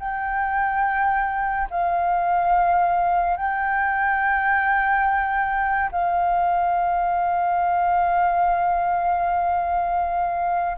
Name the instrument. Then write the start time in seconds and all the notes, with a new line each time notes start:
flute
0.00 G5
1.71 F5
3.37 G5
5.92 F5